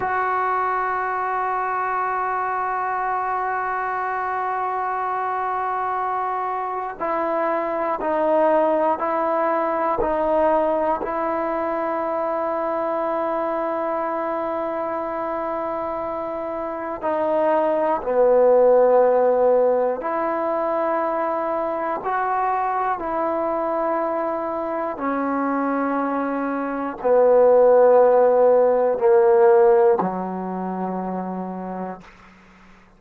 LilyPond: \new Staff \with { instrumentName = "trombone" } { \time 4/4 \tempo 4 = 60 fis'1~ | fis'2. e'4 | dis'4 e'4 dis'4 e'4~ | e'1~ |
e'4 dis'4 b2 | e'2 fis'4 e'4~ | e'4 cis'2 b4~ | b4 ais4 fis2 | }